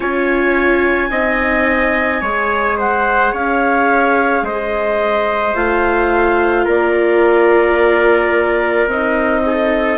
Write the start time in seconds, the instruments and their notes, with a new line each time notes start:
0.00 bassoon C#4, viola F4, trumpet C#5, clarinet G#5
1.10 bassoon C4, viola D#4, trumpet D#5
2.21 bassoon G#3, viola G#4, trumpet C#5
2.77 trumpet C5, clarinet F#5
3.32 bassoon C#4, trumpet C#5, clarinet F5
4.42 bassoon G#3, trumpet C5, clarinet D#5
5.54 bassoon A3, viola F4, clarinet F5
6.64 bassoon A#3, trumpet A#4, clarinet D5
8.86 bassoon C4, viola D#4, clarinet D#5
9.46 trumpet A4